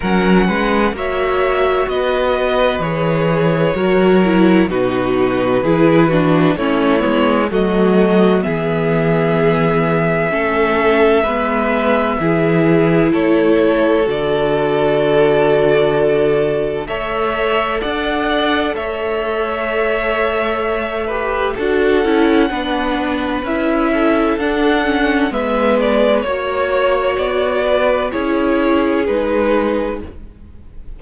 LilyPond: <<
  \new Staff \with { instrumentName = "violin" } { \time 4/4 \tempo 4 = 64 fis''4 e''4 dis''4 cis''4~ | cis''4 b'2 cis''4 | dis''4 e''2.~ | e''2 cis''4 d''4~ |
d''2 e''4 fis''4 | e''2. fis''4~ | fis''4 e''4 fis''4 e''8 d''8 | cis''4 d''4 cis''4 b'4 | }
  \new Staff \with { instrumentName = "violin" } { \time 4/4 ais'8 b'8 cis''4 b'2 | ais'4 fis'4 gis'8 fis'8 e'4 | fis'4 gis'2 a'4 | b'4 gis'4 a'2~ |
a'2 cis''4 d''4 | cis''2~ cis''8 b'8 a'4 | b'4. a'4. b'4 | cis''4. b'8 gis'2 | }
  \new Staff \with { instrumentName = "viola" } { \time 4/4 cis'4 fis'2 gis'4 | fis'8 e'8 dis'4 e'8 d'8 cis'8 b8 | a4 b2 cis'4 | b4 e'2 fis'4~ |
fis'2 a'2~ | a'2~ a'8 g'8 fis'8 e'8 | d'4 e'4 d'8 cis'8 b4 | fis'2 e'4 dis'4 | }
  \new Staff \with { instrumentName = "cello" } { \time 4/4 fis8 gis8 ais4 b4 e4 | fis4 b,4 e4 a8 gis8 | fis4 e2 a4 | gis4 e4 a4 d4~ |
d2 a4 d'4 | a2. d'8 cis'8 | b4 cis'4 d'4 gis4 | ais4 b4 cis'4 gis4 | }
>>